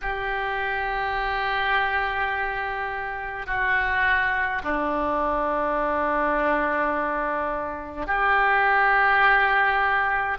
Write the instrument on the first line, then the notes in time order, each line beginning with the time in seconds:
oboe
0.01 G4
3.46 F#4
4.63 D4
8.07 G4